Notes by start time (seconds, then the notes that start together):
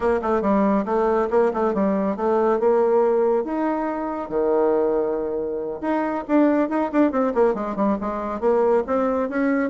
0.00 A#3
0.21 A3
0.41 G3
0.85 A3
1.30 A#3
1.53 A3
1.74 G3
2.16 A3
2.59 A#3
3.44 D#4
4.29 D#3
5.81 D#4
6.28 D4
6.69 D#4
6.92 D4
7.11 C4
7.34 A#3
7.54 G#3
7.76 G3
8.01 G#3
8.40 A#3
8.86 C4
9.29 C#4